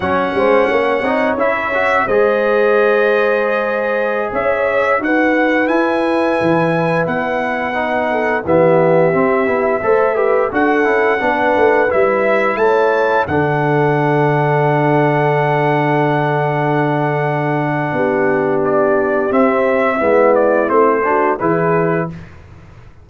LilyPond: <<
  \new Staff \with { instrumentName = "trumpet" } { \time 4/4 \tempo 4 = 87 fis''2 e''4 dis''4~ | dis''2~ dis''16 e''4 fis''8.~ | fis''16 gis''2 fis''4.~ fis''16~ | fis''16 e''2. fis''8.~ |
fis''4~ fis''16 e''4 a''4 fis''8.~ | fis''1~ | fis''2. d''4 | e''4. d''8 c''4 b'4 | }
  \new Staff \with { instrumentName = "horn" } { \time 4/4 cis''8 c''8 cis''2 c''4~ | c''2~ c''16 cis''4 b'8.~ | b'2.~ b'8. a'16~ | a'16 g'2 c''8 b'8 a'8.~ |
a'16 b'2 cis''4 a'8.~ | a'1~ | a'2 g'2~ | g'4 e'4. fis'8 gis'4 | }
  \new Staff \with { instrumentName = "trombone" } { \time 4/4 cis'4. dis'8 e'8 fis'8 gis'4~ | gis'2.~ gis'16 fis'8.~ | fis'16 e'2. dis'8.~ | dis'16 b4 c'8 e'8 a'8 g'8 fis'8 e'16~ |
e'16 d'4 e'2 d'8.~ | d'1~ | d'1 | c'4 b4 c'8 d'8 e'4 | }
  \new Staff \with { instrumentName = "tuba" } { \time 4/4 fis8 gis8 ais8 c'8 cis'4 gis4~ | gis2~ gis16 cis'4 dis'8.~ | dis'16 e'4 e4 b4.~ b16~ | b16 e4 c'8 b8 a4 d'8 cis'16~ |
cis'16 b8 a8 g4 a4 d8.~ | d1~ | d2 b2 | c'4 gis4 a4 e4 | }
>>